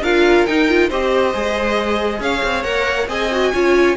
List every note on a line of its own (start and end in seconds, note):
0.00 0.44 D4
0.00 0.48 F4
0.00 0.89 A#4
0.00 0.46 F5
0.46 0.69 D#4
0.46 0.90 D#4
0.46 0.90 G5
0.69 0.91 F4
0.89 1.34 C4
0.89 1.34 G4
0.89 2.20 C5
0.89 2.22 D#5
1.34 2.20 G#3
1.34 2.64 G#4
2.20 2.42 C#4
2.20 3.09 C#5
2.20 2.64 F5
2.44 2.65 C4
2.64 3.08 A#3
2.64 3.08 A#4
2.64 3.07 F#5
3.08 3.52 C4
3.08 3.30 G#4
3.08 3.53 D#5
3.08 3.97 G#5
3.32 3.53 F#4
3.53 3.97 C#4
3.53 3.97 F4
3.53 3.97 C#5